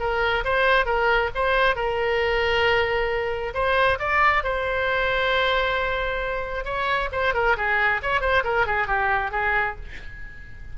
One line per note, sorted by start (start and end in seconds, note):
0.00 0.44 A#4
0.45 0.86 C5
0.86 1.31 A#4
1.35 1.76 C5
1.76 3.54 A#4
3.54 3.99 C5
4.00 4.44 D5
4.44 6.65 C5
6.65 7.10 C#5
7.13 7.34 C5
7.34 7.57 A#4
7.57 8.01 G#4
8.03 8.21 C#5
8.21 8.44 C5
8.44 8.67 A#4
8.67 8.88 G#4
8.88 9.32 G4
9.32 9.76 G#4